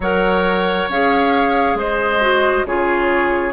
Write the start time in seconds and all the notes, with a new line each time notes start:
0.00 F#3 A#4 C#5 F#5
0.88 C#4 G#4 F5
1.74 G#3 C5 D#5
2.21 F#4
2.65 C#3 F4 G#4 C#5